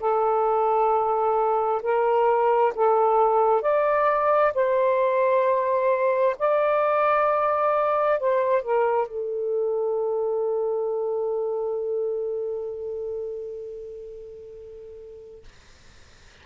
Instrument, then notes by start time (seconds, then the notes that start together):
saxophone
0.00 A4
1.82 A#4
2.75 A4
3.62 D5
4.54 C5
6.39 D5
8.20 C5
8.62 A#4
9.07 A4